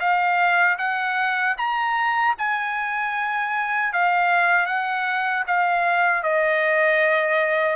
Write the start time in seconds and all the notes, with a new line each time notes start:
0.00 F5
0.79 F#5
1.58 A#5
2.38 G#5
3.93 F5
4.66 F#5
5.47 F5
6.23 D#5